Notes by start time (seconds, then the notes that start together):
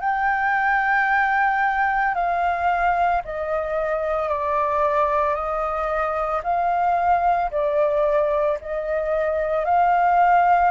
0.00 G5
2.14 F5
3.24 D#5
4.28 D5
5.34 D#5
6.43 F5
7.50 D5
8.61 D#5
9.65 F5